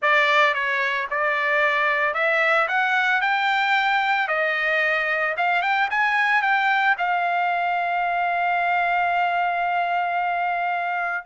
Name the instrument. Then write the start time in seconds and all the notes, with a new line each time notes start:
trumpet
0.01 D5
0.54 C#5
1.10 D5
2.14 E5
2.67 F#5
3.21 G5
4.28 D#5
5.37 F5
5.62 G5
5.90 G#5
6.42 G5
6.98 F5